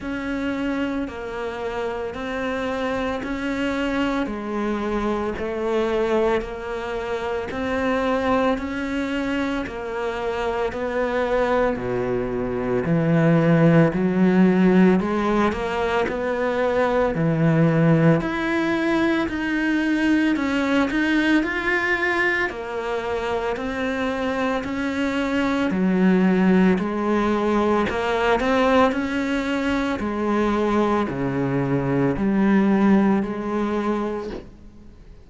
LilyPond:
\new Staff \with { instrumentName = "cello" } { \time 4/4 \tempo 4 = 56 cis'4 ais4 c'4 cis'4 | gis4 a4 ais4 c'4 | cis'4 ais4 b4 b,4 | e4 fis4 gis8 ais8 b4 |
e4 e'4 dis'4 cis'8 dis'8 | f'4 ais4 c'4 cis'4 | fis4 gis4 ais8 c'8 cis'4 | gis4 cis4 g4 gis4 | }